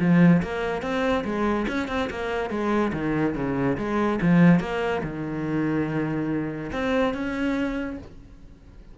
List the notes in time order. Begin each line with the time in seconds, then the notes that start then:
0.00 F3
0.43 A#3
0.82 C4
1.24 G#3
1.68 C#4
1.88 C4
2.10 A#3
2.50 G#3
2.93 D#3
3.35 C#3
3.77 G#3
4.21 F3
4.60 A#3
5.03 D#3
6.72 C4
7.14 C#4